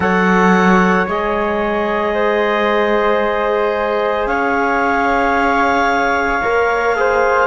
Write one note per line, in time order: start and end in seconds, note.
0.00 1.06 F#3
0.00 1.07 A4
0.00 2.14 C#5
0.00 1.06 F#5
1.07 4.26 G#3
1.07 6.42 G#4
1.07 4.27 D#5
2.14 4.28 C5
4.26 6.40 C#4
4.26 6.96 C#5
4.26 7.47 F5
6.42 7.47 A#3
6.42 6.95 A#4
6.95 7.47 G#4
6.95 7.47 C5